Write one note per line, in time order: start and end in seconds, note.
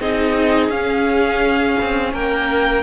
0.00 0.70 C4
0.00 0.72 D#4
0.00 2.14 G#4
0.00 0.70 D#5
0.70 1.77 C#4
0.70 2.84 C#4
0.70 2.13 F5
1.82 2.14 C4
2.14 2.84 A#3
2.14 2.84 A#4
2.14 2.84 G5